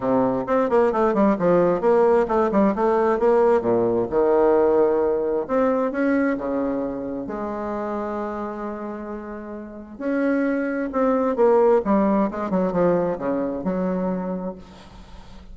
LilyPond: \new Staff \with { instrumentName = "bassoon" } { \time 4/4 \tempo 4 = 132 c4 c'8 ais8 a8 g8 f4 | ais4 a8 g8 a4 ais4 | ais,4 dis2. | c'4 cis'4 cis2 |
gis1~ | gis2 cis'2 | c'4 ais4 g4 gis8 fis8 | f4 cis4 fis2 | }